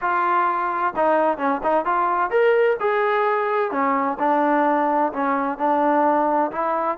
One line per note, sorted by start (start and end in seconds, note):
0.01 0.94 F4
0.96 1.37 D#4
1.37 1.60 C#4
1.63 1.85 D#4
1.85 2.30 F4
2.30 2.77 A#4
2.79 3.71 G#4
3.71 4.17 C#4
4.19 5.12 D4
5.12 5.58 C#4
5.58 6.51 D4
6.51 6.97 E4